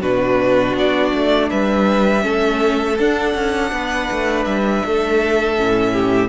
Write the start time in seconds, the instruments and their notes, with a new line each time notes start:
0.00 cello B2, viola D4, violin F#4 B4
0.74 cello B3, violin D5
1.13 cello A3
1.50 cello G3, violin B4 E5
2.21 cello A3, viola C#4, violin A4
2.98 cello D4, viola D4, violin F#5
3.35 cello C#4
3.72 cello B3, violin B4
4.11 cello A3
4.44 cello G3, violin E5
4.85 cello A3, violin A4
5.57 cello A2, viola C#4
5.93 violin G4